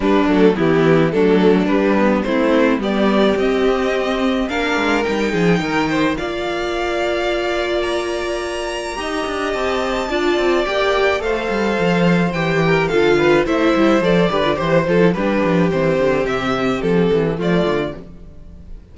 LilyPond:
<<
  \new Staff \with { instrumentName = "violin" } { \time 4/4 \tempo 4 = 107 b'8 a'8 g'4 a'4 b'4 | c''4 d''4 dis''2 | f''4 g''2 f''4~ | f''2 ais''2~ |
ais''4 a''2 g''4 | f''2 g''4 f''4 | e''4 d''4 c''8 a'8 b'4 | c''4 e''4 a'4 d''4 | }
  \new Staff \with { instrumentName = "violin" } { \time 4/4 d'4 e'4 d'2 | e'4 g'2. | ais'4. gis'8 ais'8 c''8 d''4~ | d''1 |
dis''2 d''2 | c''2~ c''8 ais'8 a'8 b'8 | c''4. b'8 c''4 g'4~ | g'2. f'4 | }
  \new Staff \with { instrumentName = "viola" } { \time 4/4 g8 a8 b4 a4 g8 b8 | c'4 b4 c'2 | d'4 dis'2 f'4~ | f'1 |
g'2 f'4 g'4 | a'2 g'4 f'4 | e'4 a'8 g'16 f'16 g'8 f'16 e'16 d'4 | c'2. a4 | }
  \new Staff \with { instrumentName = "cello" } { \time 4/4 g8 fis8 e4 fis4 g4 | a4 g4 c'2 | ais8 gis8 g8 f8 dis4 ais4~ | ais1 |
dis'8 d'8 c'4 d'8 c'8 ais4 | a8 g8 f4 e4 d4 | a8 g8 f8 d8 e8 f8 g8 f8 | e8 d8 c4 f8 e8 f8 d8 | }
>>